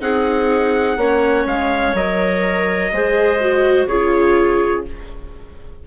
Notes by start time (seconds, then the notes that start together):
0.00 C4 D#4 G#4 F#5
0.97 A#3 C#4 C#5
1.46 G#3 F5
1.94 F#3 A#4 D#5
2.92 G#3 G#4 C5
3.41 F#4
3.87 C#3 F4 G#4 C#5